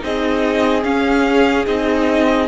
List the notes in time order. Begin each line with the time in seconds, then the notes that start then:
0.00 C4 D#4 G#4 D#5
0.84 C#4 F5
1.67 C4 D#4 D#5